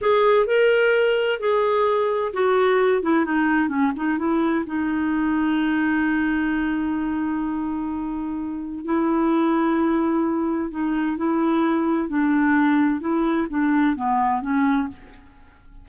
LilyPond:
\new Staff \with { instrumentName = "clarinet" } { \time 4/4 \tempo 4 = 129 gis'4 ais'2 gis'4~ | gis'4 fis'4. e'8 dis'4 | cis'8 dis'8 e'4 dis'2~ | dis'1~ |
dis'2. e'4~ | e'2. dis'4 | e'2 d'2 | e'4 d'4 b4 cis'4 | }